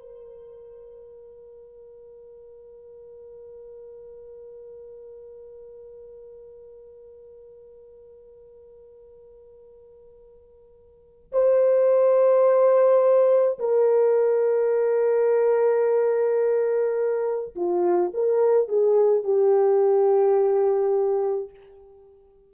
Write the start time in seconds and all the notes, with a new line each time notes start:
0.00 A#4
11.32 C5
13.59 A#4
17.56 F4
18.14 A#4
18.68 G#4
19.24 G4